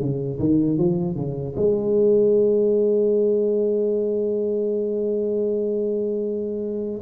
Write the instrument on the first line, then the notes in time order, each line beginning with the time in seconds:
tuba
0.00 C#3
0.39 D#3
0.78 F3
1.16 C#3
1.56 G#3